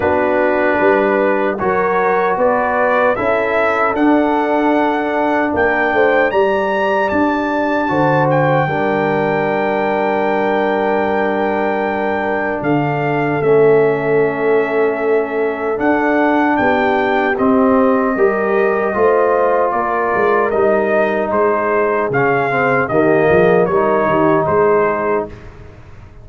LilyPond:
<<
  \new Staff \with { instrumentName = "trumpet" } { \time 4/4 \tempo 4 = 76 b'2 cis''4 d''4 | e''4 fis''2 g''4 | ais''4 a''4. g''4.~ | g''1 |
f''4 e''2. | fis''4 g''4 dis''2~ | dis''4 d''4 dis''4 c''4 | f''4 dis''4 cis''4 c''4 | }
  \new Staff \with { instrumentName = "horn" } { \time 4/4 fis'4 b'4 ais'4 b'4 | a'2. ais'8 c''8 | d''2 c''4 ais'4~ | ais'1 |
a'1~ | a'4 g'2 ais'4 | c''4 ais'2 gis'4~ | gis'4 g'8 gis'8 ais'8 g'8 gis'4 | }
  \new Staff \with { instrumentName = "trombone" } { \time 4/4 d'2 fis'2 | e'4 d'2. | g'2 fis'4 d'4~ | d'1~ |
d'4 cis'2. | d'2 c'4 g'4 | f'2 dis'2 | cis'8 c'8 ais4 dis'2 | }
  \new Staff \with { instrumentName = "tuba" } { \time 4/4 b4 g4 fis4 b4 | cis'4 d'2 ais8 a8 | g4 d'4 d4 g4~ | g1 |
d4 a2. | d'4 b4 c'4 g4 | a4 ais8 gis8 g4 gis4 | cis4 dis8 f8 g8 dis8 gis4 | }
>>